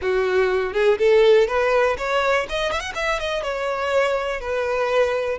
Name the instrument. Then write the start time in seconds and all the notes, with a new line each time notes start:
violin
0.01 F#4
0.73 G#4
0.98 A4
1.47 B4
1.97 C#5
2.49 D#5
2.72 E5
2.79 F#5
2.95 E5
3.19 D#5
3.42 C#5
4.40 B4